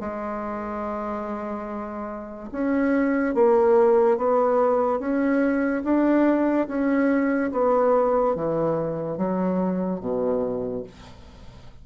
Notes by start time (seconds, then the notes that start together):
0.00 G#3
2.52 C#4
3.34 A#3
4.17 B3
4.99 C#4
5.84 D4
6.68 C#4
7.52 B3
8.36 E3
9.17 F#3
10.00 B2